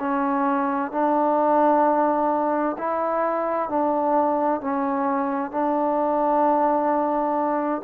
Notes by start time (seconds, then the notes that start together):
0.00 C#4
0.92 D4
2.78 E4
3.70 D4
4.61 C#4
5.52 D4